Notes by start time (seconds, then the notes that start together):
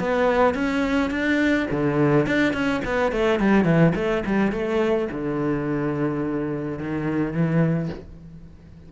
0.00 B3
0.55 C#4
1.11 D4
1.71 D3
2.27 D4
2.53 C#4
2.85 B3
3.13 A3
3.40 G3
3.65 E3
3.96 A3
4.26 G3
4.52 A3
5.12 D3
6.79 D#3
7.33 E3